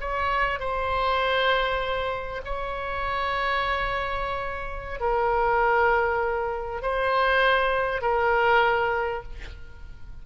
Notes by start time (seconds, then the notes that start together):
0.00 C#5
0.59 C5
2.45 C#5
5.00 A#4
6.82 C5
8.01 A#4